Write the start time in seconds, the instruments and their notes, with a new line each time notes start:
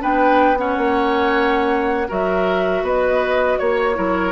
0.00 bassoon B3, clarinet D4, oboe B4, flute G5
0.57 clarinet C#4, oboe C#5, flute F#5
0.78 bassoon A#3
2.08 bassoon F#3, clarinet F#4, oboe A#4, flute E5
2.82 bassoon B3, oboe B4, flute D#5
3.59 bassoon A#3, flute C#5, oboe C#5
3.95 bassoon F#3, clarinet E4, oboe A#4